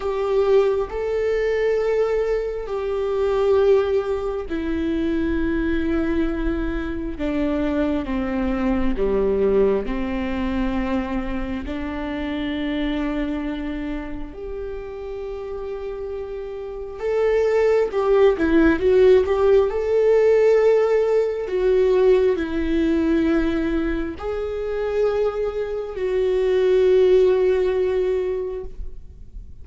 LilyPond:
\new Staff \with { instrumentName = "viola" } { \time 4/4 \tempo 4 = 67 g'4 a'2 g'4~ | g'4 e'2. | d'4 c'4 g4 c'4~ | c'4 d'2. |
g'2. a'4 | g'8 e'8 fis'8 g'8 a'2 | fis'4 e'2 gis'4~ | gis'4 fis'2. | }